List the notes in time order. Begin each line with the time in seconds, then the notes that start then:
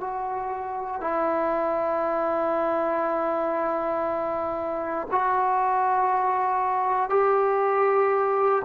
0.00 F#4
1.01 E4
5.11 F#4
7.10 G4